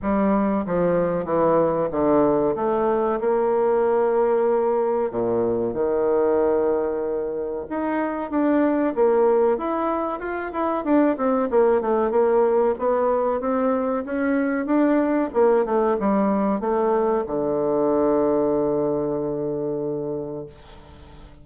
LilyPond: \new Staff \with { instrumentName = "bassoon" } { \time 4/4 \tempo 4 = 94 g4 f4 e4 d4 | a4 ais2. | ais,4 dis2. | dis'4 d'4 ais4 e'4 |
f'8 e'8 d'8 c'8 ais8 a8 ais4 | b4 c'4 cis'4 d'4 | ais8 a8 g4 a4 d4~ | d1 | }